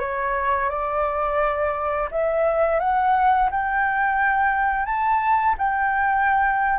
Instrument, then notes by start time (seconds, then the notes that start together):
flute
0.00 C#5
0.70 D5
2.12 E5
2.80 F#5
3.51 G5
4.86 A5
5.58 G5